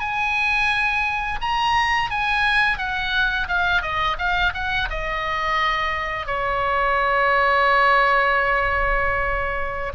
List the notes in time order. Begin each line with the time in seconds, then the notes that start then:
0.00 G#5
1.41 A#5
2.11 G#5
2.78 F#5
3.48 F5
3.82 D#5
4.19 F5
4.54 F#5
4.90 D#5
6.27 C#5